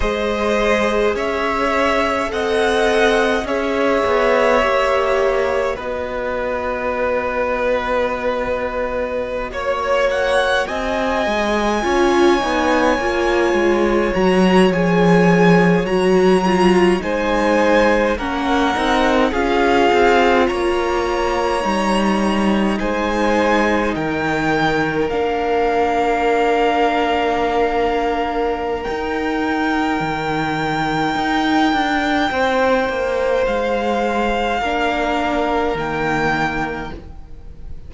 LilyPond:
<<
  \new Staff \with { instrumentName = "violin" } { \time 4/4 \tempo 4 = 52 dis''4 e''4 fis''4 e''4~ | e''4 dis''2.~ | dis''16 cis''8 fis''8 gis''2~ gis''8.~ | gis''16 ais''8 gis''4 ais''4 gis''4 fis''16~ |
fis''8. f''4 ais''2 gis''16~ | gis''8. g''4 f''2~ f''16~ | f''4 g''2.~ | g''4 f''2 g''4 | }
  \new Staff \with { instrumentName = "violin" } { \time 4/4 c''4 cis''4 dis''4 cis''4~ | cis''4 b'2.~ | b'16 cis''4 dis''4 cis''4.~ cis''16~ | cis''2~ cis''8. c''4 ais'16~ |
ais'8. gis'4 cis''2 c''16~ | c''8. ais'2.~ ais'16~ | ais'1 | c''2 ais'2 | }
  \new Staff \with { instrumentName = "viola" } { \time 4/4 gis'2 a'4 gis'4 | g'4 fis'2.~ | fis'2~ fis'16 f'8 dis'8 f'8.~ | f'16 fis'8 gis'4 fis'8 f'8 dis'4 cis'16~ |
cis'16 dis'8 f'2 dis'4~ dis'16~ | dis'4.~ dis'16 d'2~ d'16~ | d'4 dis'2.~ | dis'2 d'4 ais4 | }
  \new Staff \with { instrumentName = "cello" } { \time 4/4 gis4 cis'4 c'4 cis'8 b8 | ais4 b2.~ | b16 ais4 c'8 gis8 cis'8 b8 ais8 gis16~ | gis16 fis8 f4 fis4 gis4 ais16~ |
ais16 c'8 cis'8 c'8 ais4 g4 gis16~ | gis8. dis4 ais2~ ais16~ | ais4 dis'4 dis4 dis'8 d'8 | c'8 ais8 gis4 ais4 dis4 | }
>>